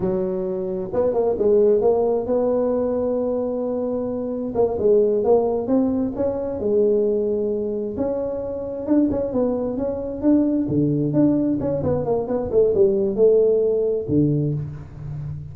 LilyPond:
\new Staff \with { instrumentName = "tuba" } { \time 4/4 \tempo 4 = 132 fis2 b8 ais8 gis4 | ais4 b2.~ | b2 ais8 gis4 ais8~ | ais8 c'4 cis'4 gis4.~ |
gis4. cis'2 d'8 | cis'8 b4 cis'4 d'4 d8~ | d8 d'4 cis'8 b8 ais8 b8 a8 | g4 a2 d4 | }